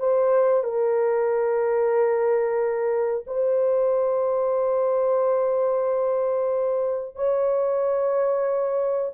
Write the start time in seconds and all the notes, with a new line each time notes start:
0.00 C5
0.64 A#4
3.27 C5
7.16 C#5